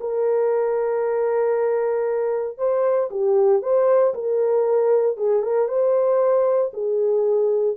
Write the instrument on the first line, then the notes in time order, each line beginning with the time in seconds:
horn
0.00 A#4
2.58 C5
3.11 G4
3.62 C5
4.14 A#4
5.17 G#4
5.42 A#4
5.68 C5
6.73 G#4